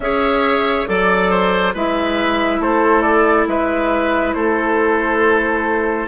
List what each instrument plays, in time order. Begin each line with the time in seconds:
0.00 bassoon C#4, clarinet G#4, oboe C#5, flute E5
0.86 bassoon F#3, clarinet A4, flute D5, oboe D5
1.30 oboe C5
1.74 bassoon G#3, clarinet E4, oboe B4, flute E5
2.59 bassoon A3, oboe A4, flute C5
3.01 flute D5
3.47 bassoon G#3, oboe B4, flute E5
4.33 bassoon A3, oboe A4, flute C5